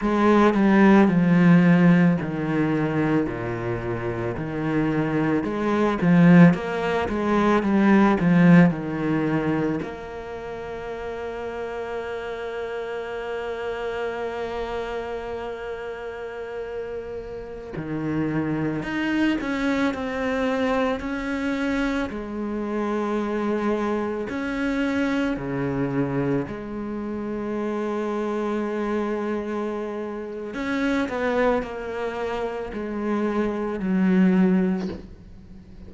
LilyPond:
\new Staff \with { instrumentName = "cello" } { \time 4/4 \tempo 4 = 55 gis8 g8 f4 dis4 ais,4 | dis4 gis8 f8 ais8 gis8 g8 f8 | dis4 ais2.~ | ais1~ |
ais16 dis4 dis'8 cis'8 c'4 cis'8.~ | cis'16 gis2 cis'4 cis8.~ | cis16 gis2.~ gis8. | cis'8 b8 ais4 gis4 fis4 | }